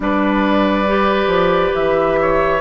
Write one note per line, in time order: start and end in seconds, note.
0.00 1.27 G3
0.00 0.87 D4
0.00 2.19 B4
0.00 1.74 D5
0.87 2.61 G4
1.27 1.70 F3
1.74 2.61 E3
1.74 2.61 E5
2.20 2.61 C#5